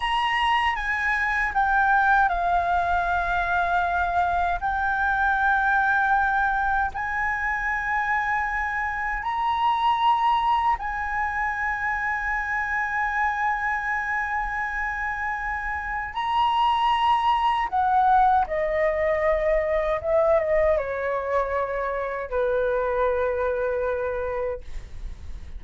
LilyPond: \new Staff \with { instrumentName = "flute" } { \time 4/4 \tempo 4 = 78 ais''4 gis''4 g''4 f''4~ | f''2 g''2~ | g''4 gis''2. | ais''2 gis''2~ |
gis''1~ | gis''4 ais''2 fis''4 | dis''2 e''8 dis''8 cis''4~ | cis''4 b'2. | }